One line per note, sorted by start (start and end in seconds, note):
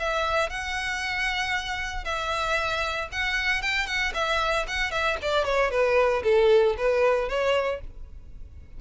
0.00 0.50 E5
0.50 2.05 F#5
2.05 3.09 E5
3.12 3.62 F#5
3.62 3.87 G5
3.87 4.13 F#5
4.14 4.66 E5
4.68 4.91 F#5
4.91 5.17 E5
5.22 5.45 D5
5.45 5.71 C#5
5.71 6.23 B4
6.24 6.76 A4
6.77 7.29 B4
7.29 7.81 C#5